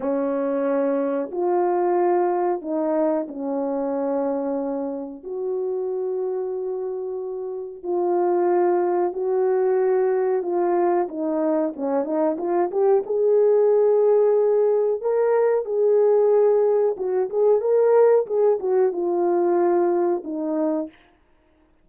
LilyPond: \new Staff \with { instrumentName = "horn" } { \time 4/4 \tempo 4 = 92 cis'2 f'2 | dis'4 cis'2. | fis'1 | f'2 fis'2 |
f'4 dis'4 cis'8 dis'8 f'8 g'8 | gis'2. ais'4 | gis'2 fis'8 gis'8 ais'4 | gis'8 fis'8 f'2 dis'4 | }